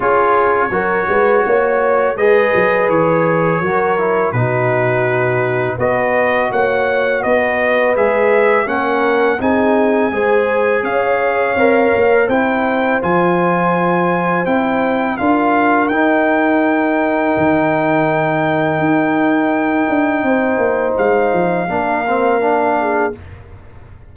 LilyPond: <<
  \new Staff \with { instrumentName = "trumpet" } { \time 4/4 \tempo 4 = 83 cis''2. dis''4 | cis''2 b'2 | dis''4 fis''4 dis''4 e''4 | fis''4 gis''2 f''4~ |
f''4 g''4 gis''2 | g''4 f''4 g''2~ | g''1~ | g''4 f''2. | }
  \new Staff \with { instrumentName = "horn" } { \time 4/4 gis'4 ais'8 b'8 cis''4 b'4~ | b'4 ais'4 fis'2 | b'4 cis''4 b'2 | ais'4 gis'4 c''4 cis''4~ |
cis''4 c''2.~ | c''4 ais'2.~ | ais'1 | c''2 ais'4. gis'8 | }
  \new Staff \with { instrumentName = "trombone" } { \time 4/4 f'4 fis'2 gis'4~ | gis'4 fis'8 e'8 dis'2 | fis'2. gis'4 | cis'4 dis'4 gis'2 |
ais'4 e'4 f'2 | e'4 f'4 dis'2~ | dis'1~ | dis'2 d'8 c'8 d'4 | }
  \new Staff \with { instrumentName = "tuba" } { \time 4/4 cis'4 fis8 gis8 ais4 gis8 fis8 | e4 fis4 b,2 | b4 ais4 b4 gis4 | ais4 c'4 gis4 cis'4 |
c'8 ais8 c'4 f2 | c'4 d'4 dis'2 | dis2 dis'4. d'8 | c'8 ais8 gis8 f8 ais2 | }
>>